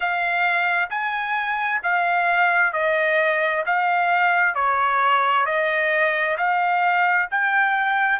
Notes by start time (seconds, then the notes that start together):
0.00 F5
0.90 G#5
1.83 F5
2.73 D#5
3.66 F5
4.55 C#5
5.45 D#5
6.37 F5
7.31 G5